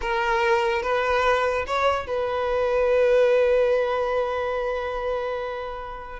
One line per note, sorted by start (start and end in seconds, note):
0.01 0.82 A#4
0.82 1.65 B4
1.66 2.06 C#5
2.06 6.19 B4